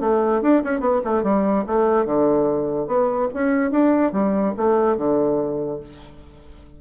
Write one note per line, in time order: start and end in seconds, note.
0.00 0.41 A3
0.42 0.62 D4
0.64 0.80 C#4
0.80 1.01 B3
1.04 1.23 A3
1.23 1.64 G3
1.66 2.05 A3
2.05 2.87 D3
2.87 3.28 B3
3.33 3.71 C#4
3.71 4.12 D4
4.12 4.53 G3
4.57 4.97 A3
4.97 5.79 D3